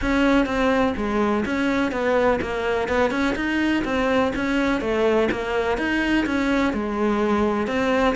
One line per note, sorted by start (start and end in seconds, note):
0.01 0.45 C#4
0.45 0.93 C4
0.96 1.44 G#3
1.45 1.91 C#4
1.91 2.39 B3
2.41 2.88 A#3
2.88 3.10 B3
3.10 3.34 C#4
3.35 3.83 D#4
3.84 4.32 C4
4.35 4.80 C#4
4.80 5.28 A3
5.31 5.77 A#3
5.77 6.25 D#4
6.26 6.73 C#4
6.73 7.67 G#3
7.67 8.15 C4